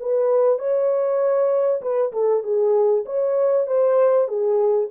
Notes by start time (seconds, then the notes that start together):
0.00 B4
0.59 C#5
1.81 B4
2.12 A4
2.43 G#4
3.05 C#5
3.67 C5
4.28 G#4